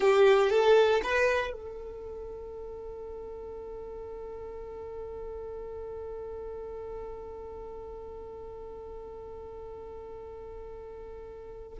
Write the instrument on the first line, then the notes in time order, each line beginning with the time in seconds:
violin
0.00 G4
0.50 A4
1.03 B4
1.52 A4